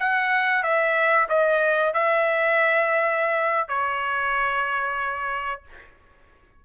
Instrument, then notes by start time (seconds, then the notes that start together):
trumpet
0.00 F#5
0.63 E5
1.29 D#5
1.94 E5
3.68 C#5